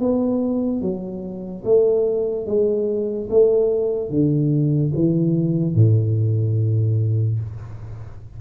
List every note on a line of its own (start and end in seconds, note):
0.00 0.81 B3
0.81 1.64 F#3
1.65 2.47 A3
2.47 3.29 G#3
3.30 4.10 A3
4.10 4.92 D3
4.95 5.75 E3
5.75 7.40 A2